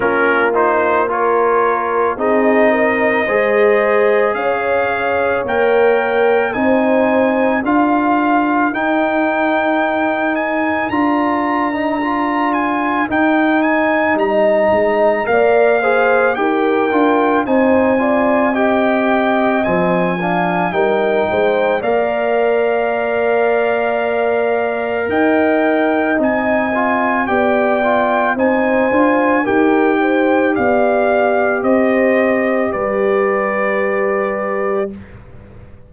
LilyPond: <<
  \new Staff \with { instrumentName = "trumpet" } { \time 4/4 \tempo 4 = 55 ais'8 c''8 cis''4 dis''2 | f''4 g''4 gis''4 f''4 | g''4. gis''8 ais''4. gis''8 | g''8 gis''8 ais''4 f''4 g''4 |
gis''4 g''4 gis''4 g''4 | f''2. g''4 | gis''4 g''4 gis''4 g''4 | f''4 dis''4 d''2 | }
  \new Staff \with { instrumentName = "horn" } { \time 4/4 f'4 ais'4 gis'8 ais'8 c''4 | cis''2 c''4 ais'4~ | ais'1~ | ais'4 dis''4 d''8 c''8 ais'4 |
c''8 d''8 dis''4. f''8 ais'8 c''8 | d''2. dis''4~ | dis''4 d''4 c''4 ais'8 c''8 | d''4 c''4 b'2 | }
  \new Staff \with { instrumentName = "trombone" } { \time 4/4 cis'8 dis'8 f'4 dis'4 gis'4~ | gis'4 ais'4 dis'4 f'4 | dis'2 f'8. dis'16 f'4 | dis'2 ais'8 gis'8 g'8 f'8 |
dis'8 f'8 g'4 c'8 d'8 dis'4 | ais'1 | dis'8 f'8 g'8 f'8 dis'8 f'8 g'4~ | g'1 | }
  \new Staff \with { instrumentName = "tuba" } { \time 4/4 ais2 c'4 gis4 | cis'4 ais4 c'4 d'4 | dis'2 d'2 | dis'4 g8 gis8 ais4 dis'8 d'8 |
c'2 f4 g8 gis8 | ais2. dis'4 | c'4 b4 c'8 d'8 dis'4 | b4 c'4 g2 | }
>>